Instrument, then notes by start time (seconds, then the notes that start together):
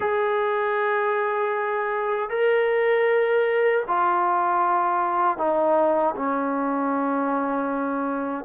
trombone
0.00 G#4
2.29 A#4
3.87 F4
5.37 D#4
6.15 C#4